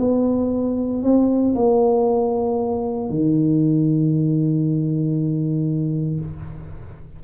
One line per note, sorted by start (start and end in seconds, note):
0.00 1.03 B3
1.03 1.55 C4
1.55 3.10 A#3
3.10 6.20 D#3